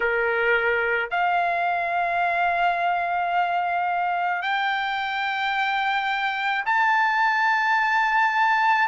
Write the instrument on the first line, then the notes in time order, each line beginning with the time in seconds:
trumpet
0.00 A#4
1.10 F5
4.41 G5
6.65 A5